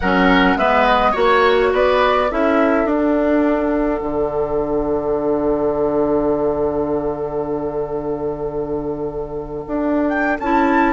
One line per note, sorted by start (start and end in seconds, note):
0.00 0.55 F#3
0.00 0.58 C#4
0.00 0.58 A#4
0.00 0.58 F#5
0.55 1.13 G#3
0.55 1.13 B3
0.55 1.11 B4
0.55 0.86 E5
0.87 1.14 D#5
1.11 1.73 A#3
1.11 2.29 F#4
1.11 1.69 C#5
1.11 1.72 C#5
1.73 2.30 B3
1.73 2.30 B4
1.73 2.31 D5
2.30 2.85 C#4
2.30 2.87 E4
2.30 10.93 A4
2.30 2.89 E5
2.85 4.00 D4
2.85 10.37 D4
2.85 10.08 F#5
4.02 9.64 D3
9.67 10.39 D4
10.08 10.37 G5
10.39 10.93 C#4
10.39 10.93 E4
10.39 10.93 A5